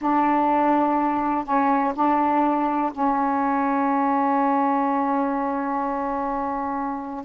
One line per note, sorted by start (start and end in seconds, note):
0.01 1.45 D4
1.45 1.93 C#4
1.95 2.92 D4
2.92 7.24 C#4